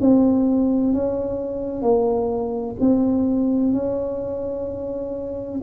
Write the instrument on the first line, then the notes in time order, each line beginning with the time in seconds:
tuba
0.00 C4
0.93 C#4
1.82 A#3
2.80 C4
3.72 C#4